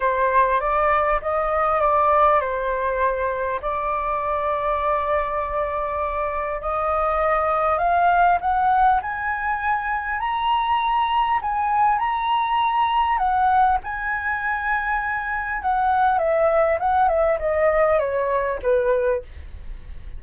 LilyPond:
\new Staff \with { instrumentName = "flute" } { \time 4/4 \tempo 4 = 100 c''4 d''4 dis''4 d''4 | c''2 d''2~ | d''2. dis''4~ | dis''4 f''4 fis''4 gis''4~ |
gis''4 ais''2 gis''4 | ais''2 fis''4 gis''4~ | gis''2 fis''4 e''4 | fis''8 e''8 dis''4 cis''4 b'4 | }